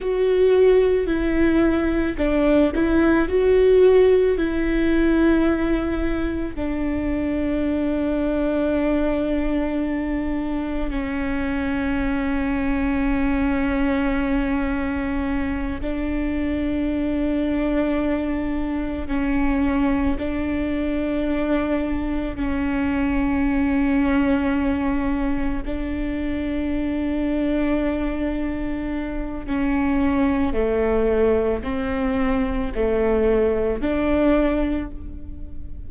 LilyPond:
\new Staff \with { instrumentName = "viola" } { \time 4/4 \tempo 4 = 55 fis'4 e'4 d'8 e'8 fis'4 | e'2 d'2~ | d'2 cis'2~ | cis'2~ cis'8 d'4.~ |
d'4. cis'4 d'4.~ | d'8 cis'2. d'8~ | d'2. cis'4 | a4 c'4 a4 d'4 | }